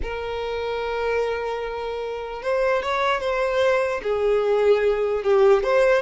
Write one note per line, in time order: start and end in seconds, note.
0.02 2.42 A#4
2.42 2.82 C5
2.82 3.20 C#5
3.20 4.01 C5
4.02 5.23 G#4
5.23 5.63 G4
5.63 6.02 C5